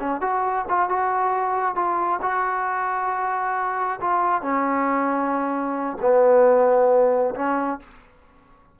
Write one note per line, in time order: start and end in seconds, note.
0.00 0.21 C#4
0.21 0.66 F#4
0.69 0.89 F4
0.89 1.76 F#4
1.76 2.20 F4
2.22 4.00 F#4
4.01 4.42 F4
4.42 5.97 C#4
6.02 7.35 B3
7.35 7.80 C#4